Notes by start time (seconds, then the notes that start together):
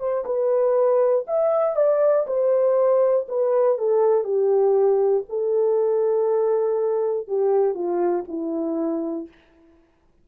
0.00 C5
0.26 B4
1.27 E5
1.77 D5
2.27 C5
3.29 B4
3.78 A4
4.25 G4
5.30 A4
7.28 G4
7.75 F4
8.28 E4